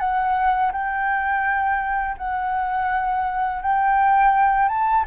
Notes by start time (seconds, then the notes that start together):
0.00 F#5
0.72 G5
2.18 F#5
3.62 G5
4.69 A5